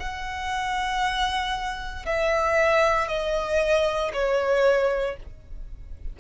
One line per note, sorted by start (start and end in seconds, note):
0.00 2.06 F#5
2.06 3.08 E5
3.08 4.12 D#5
4.14 5.17 C#5